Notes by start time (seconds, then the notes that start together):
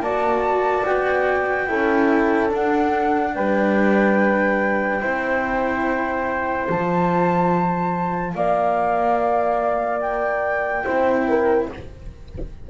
0.00 A#3 F#4 D5 A5
0.85 B3 G5
1.68 C#4 E4 A4
2.49 D4 F#5
3.34 G3 B4 G5
5.01 C4 E4 C5
6.68 F3 F4 A5
8.34 A#3 D5 F5
10.00 G5
10.85 C4 E4 C5
11.29 A#4